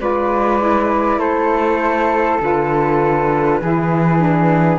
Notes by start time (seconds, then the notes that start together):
0.00 G#3 F4 B4 D5
0.59 E4
1.18 A3 A4 C5
2.41 D3 F4 B4
3.61 E3 E4 G#4
4.20 D4